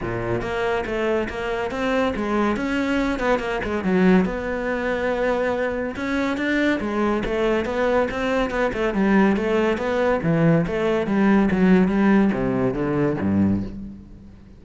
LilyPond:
\new Staff \with { instrumentName = "cello" } { \time 4/4 \tempo 4 = 141 ais,4 ais4 a4 ais4 | c'4 gis4 cis'4. b8 | ais8 gis8 fis4 b2~ | b2 cis'4 d'4 |
gis4 a4 b4 c'4 | b8 a8 g4 a4 b4 | e4 a4 g4 fis4 | g4 c4 d4 g,4 | }